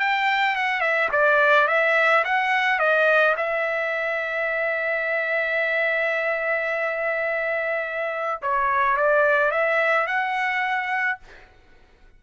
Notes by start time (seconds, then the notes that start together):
0.00 G5
0.56 F#5
0.81 E5
1.12 D5
1.68 E5
2.25 F#5
2.79 D#5
3.37 E5
8.42 C#5
8.97 D5
9.51 E5
10.07 F#5